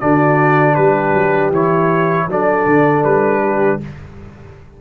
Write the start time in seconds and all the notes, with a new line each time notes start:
0.00 D3 D4 F#4 D5
0.74 G3 G4 B4
1.13 F#3
1.50 E3 E4 C#5
2.28 F#3 D4 A4 D5
2.66 D3
3.04 G3 B4
3.43 G4